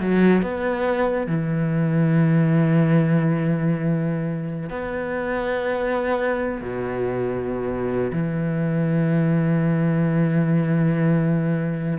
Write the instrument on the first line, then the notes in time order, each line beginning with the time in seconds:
cello
0.00 F#3
0.42 B3
1.27 E3
4.69 B3
6.61 B2
8.12 E3